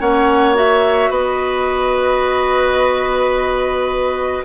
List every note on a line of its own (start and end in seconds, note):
0.00 1.09 A#3
0.00 0.55 C#4
0.00 1.10 C#5
0.00 0.56 F#5
0.55 4.44 F#4
0.55 1.12 E5
1.09 4.43 B3
1.09 4.44 B4
1.09 4.45 D#5